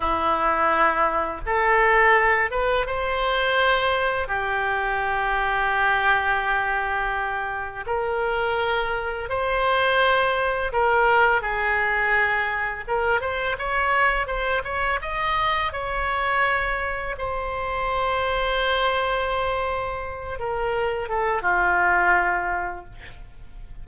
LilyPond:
\new Staff \with { instrumentName = "oboe" } { \time 4/4 \tempo 4 = 84 e'2 a'4. b'8 | c''2 g'2~ | g'2. ais'4~ | ais'4 c''2 ais'4 |
gis'2 ais'8 c''8 cis''4 | c''8 cis''8 dis''4 cis''2 | c''1~ | c''8 ais'4 a'8 f'2 | }